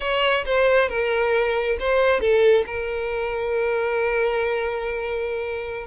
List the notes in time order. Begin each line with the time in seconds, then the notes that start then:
0.00 C#5
0.45 C5
0.88 A#4
1.79 C5
2.20 A4
2.66 A#4